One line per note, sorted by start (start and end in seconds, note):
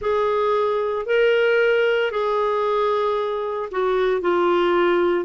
0.00 1.05 G#4
1.05 2.11 A#4
2.11 3.69 G#4
3.71 4.21 F#4
4.21 5.25 F4